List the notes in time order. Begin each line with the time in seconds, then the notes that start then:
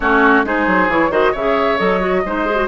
0.00 A3 C#4 F#4 C#5
0.44 G#3 D#4 G#4 C5
0.66 F#3
0.88 E3 E4 C#5
1.10 D#3 F#4 C5 D#5
1.31 C#3 C#5 E5
1.38 G#4
1.77 F#3 A4 D#5
2.00 F#4
2.25 G#3 D#4 C5
2.45 G#4
2.56 F#4